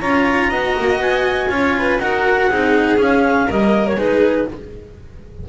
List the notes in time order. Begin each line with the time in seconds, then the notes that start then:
0.00 C#4 F4 C#5 A#5
0.49 B3 F#4 D#5
0.79 A#3
0.98 B3 G#5
1.49 C#4 F4 C#5
1.78 B4
1.98 D#4 F#4 A#4 F#5
2.50 C4 D#4 G#4
2.98 C#4 F5
3.47 G3 A#3 A#4 D#5
3.87 C#5
3.96 G#3 D#4 G#4 B4